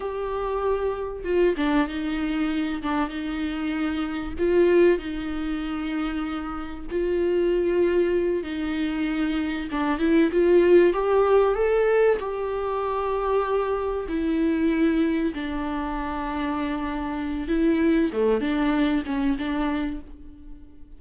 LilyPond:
\new Staff \with { instrumentName = "viola" } { \time 4/4 \tempo 4 = 96 g'2 f'8 d'8 dis'4~ | dis'8 d'8 dis'2 f'4 | dis'2. f'4~ | f'4. dis'2 d'8 |
e'8 f'4 g'4 a'4 g'8~ | g'2~ g'8 e'4.~ | e'8 d'2.~ d'8 | e'4 a8 d'4 cis'8 d'4 | }